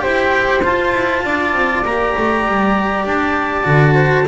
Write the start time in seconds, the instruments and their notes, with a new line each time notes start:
0.00 double bass E4, cello G4, flute C5, clarinet G5
0.64 cello F4, double bass F4, clarinet A5
0.94 double bass E4
1.24 double bass D4, flute D5
1.53 double bass C4
1.84 double bass A#3, cello G4, clarinet A#5
2.18 double bass A3
2.48 double bass G3
3.05 double bass D4, clarinet A5
3.64 double bass D3, cello F#4
3.94 flute C5